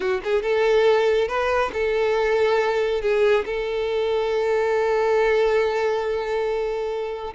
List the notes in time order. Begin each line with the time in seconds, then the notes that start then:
0.00 F#4
0.24 G#4
0.42 A4
1.28 B4
1.73 A4
3.01 G#4
3.45 A4